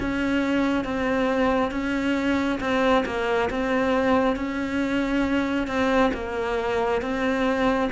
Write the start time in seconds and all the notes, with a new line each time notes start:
0.00 C#4
0.85 C4
1.71 C#4
2.61 C4
3.06 A#3
3.50 C4
4.36 C#4
5.68 C4
6.14 A#3
7.01 C4